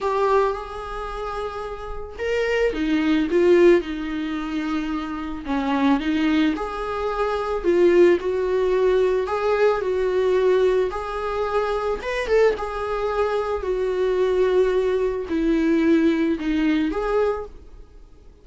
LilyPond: \new Staff \with { instrumentName = "viola" } { \time 4/4 \tempo 4 = 110 g'4 gis'2. | ais'4 dis'4 f'4 dis'4~ | dis'2 cis'4 dis'4 | gis'2 f'4 fis'4~ |
fis'4 gis'4 fis'2 | gis'2 b'8 a'8 gis'4~ | gis'4 fis'2. | e'2 dis'4 gis'4 | }